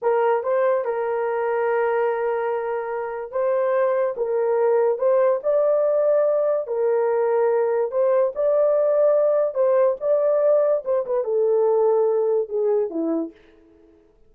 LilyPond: \new Staff \with { instrumentName = "horn" } { \time 4/4 \tempo 4 = 144 ais'4 c''4 ais'2~ | ais'1 | c''2 ais'2 | c''4 d''2. |
ais'2. c''4 | d''2. c''4 | d''2 c''8 b'8 a'4~ | a'2 gis'4 e'4 | }